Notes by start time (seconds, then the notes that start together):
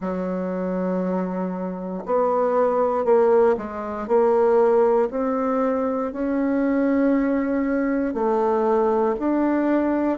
0.00 F#3
2.05 B3
3.04 A#3
3.57 G#3
4.07 A#3
5.10 C4
6.12 C#4
8.14 A3
9.18 D4